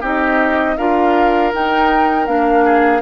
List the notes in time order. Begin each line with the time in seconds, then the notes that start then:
0.00 C4 D#4 G4 D#5
0.77 D4 F4 A#4 F5
1.52 D#4 G5
2.26 A#3 D4 F5
2.64 G#4